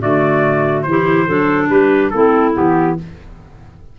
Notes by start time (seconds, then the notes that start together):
0.00 D3 A3 F#4 D5
0.82 E3 C5
0.89 E4 G4
1.26 F#3 D4 A4
1.69 G3 G4 B4
2.10 A3 C4 E4 A4
2.53 E3 B3 G4